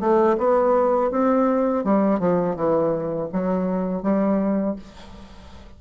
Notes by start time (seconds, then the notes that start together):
0.00 A3
0.38 B3
1.11 C4
1.84 G3
2.19 F3
2.56 E3
3.33 F#3
4.03 G3